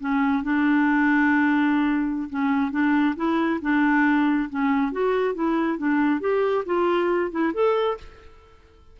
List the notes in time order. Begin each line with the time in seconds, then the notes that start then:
0.00 C#4
0.43 D4
2.30 C#4
2.72 D4
3.16 E4
3.62 D4
4.50 C#4
4.92 F#4
5.35 E4
5.78 D4
6.21 G4
6.66 F4
7.31 E4
7.54 A4